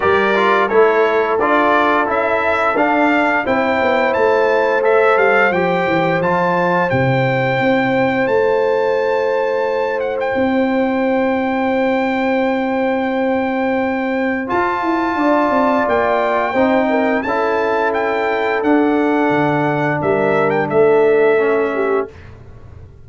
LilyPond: <<
  \new Staff \with { instrumentName = "trumpet" } { \time 4/4 \tempo 4 = 87 d''4 cis''4 d''4 e''4 | f''4 g''4 a''4 e''8 f''8 | g''4 a''4 g''2 | a''2~ a''8 fis''16 g''4~ g''16~ |
g''1~ | g''4 a''2 g''4~ | g''4 a''4 g''4 fis''4~ | fis''4 e''8. g''16 e''2 | }
  \new Staff \with { instrumentName = "horn" } { \time 4/4 ais'4 a'2.~ | a'4 c''2.~ | c''1~ | c''1~ |
c''1~ | c''2 d''2 | c''8 ais'8 a'2.~ | a'4 ais'4 a'4. g'8 | }
  \new Staff \with { instrumentName = "trombone" } { \time 4/4 g'8 f'8 e'4 f'4 e'4 | d'4 e'2 a'4 | g'4 f'4 e'2~ | e'1~ |
e'1~ | e'4 f'2. | dis'4 e'2 d'4~ | d'2. cis'4 | }
  \new Staff \with { instrumentName = "tuba" } { \time 4/4 g4 a4 d'4 cis'4 | d'4 c'8 b8 a4. g8 | f8 e8 f4 c4 c'4 | a2. c'4~ |
c'1~ | c'4 f'8 e'8 d'8 c'8 ais4 | c'4 cis'2 d'4 | d4 g4 a2 | }
>>